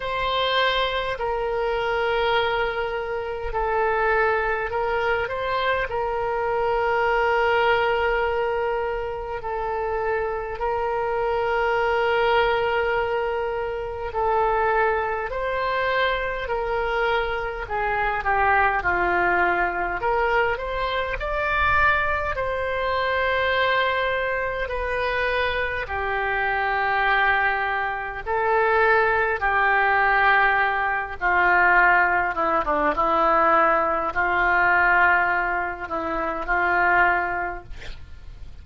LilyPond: \new Staff \with { instrumentName = "oboe" } { \time 4/4 \tempo 4 = 51 c''4 ais'2 a'4 | ais'8 c''8 ais'2. | a'4 ais'2. | a'4 c''4 ais'4 gis'8 g'8 |
f'4 ais'8 c''8 d''4 c''4~ | c''4 b'4 g'2 | a'4 g'4. f'4 e'16 d'16 | e'4 f'4. e'8 f'4 | }